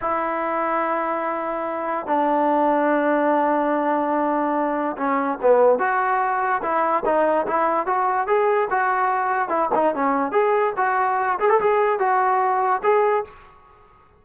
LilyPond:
\new Staff \with { instrumentName = "trombone" } { \time 4/4 \tempo 4 = 145 e'1~ | e'4 d'2.~ | d'1 | cis'4 b4 fis'2 |
e'4 dis'4 e'4 fis'4 | gis'4 fis'2 e'8 dis'8 | cis'4 gis'4 fis'4. gis'16 a'16 | gis'4 fis'2 gis'4 | }